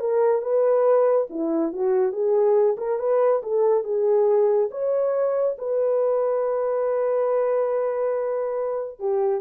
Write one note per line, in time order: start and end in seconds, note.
0.00 0.42 A#4
0.42 1.28 B4
1.30 1.73 E4
1.73 2.12 F#4
2.12 2.77 G#4
2.78 2.99 A#4
2.99 3.42 B4
3.43 3.84 A4
3.84 4.69 G#4
4.71 5.57 C#5
5.59 9.00 B4
9.00 9.41 G4